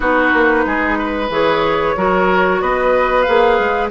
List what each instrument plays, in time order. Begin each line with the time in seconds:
0.00 bassoon B3, clarinet D#4, oboe F#4, flute B4
0.33 bassoon A#3
0.66 bassoon G#3, oboe G#4
0.98 oboe B4
1.29 bassoon E3, clarinet G#4, flute C#5
1.96 bassoon F#3, clarinet F#4, oboe A#4
2.61 bassoon B3, oboe B4, flute D#5
3.22 bassoon A#3, clarinet G#4, flute F5
3.59 bassoon G#3